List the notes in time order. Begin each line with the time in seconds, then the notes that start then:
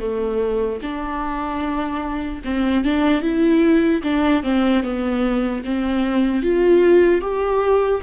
0.00 A3
0.82 D4
2.44 C4
2.84 D4
3.22 E4
4.03 D4
4.43 C4
4.83 B3
5.65 C4
6.42 F4
7.21 G4